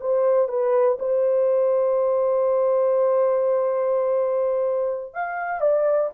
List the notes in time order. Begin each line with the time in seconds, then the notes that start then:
0.00 C5
0.48 B4
0.99 C5
5.13 F5
5.60 D5